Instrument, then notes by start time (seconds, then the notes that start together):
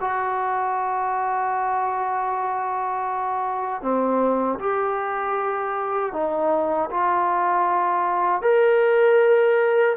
trombone
0.00 F#4
3.81 C4
4.59 G4
6.13 D#4
6.90 F4
8.42 A#4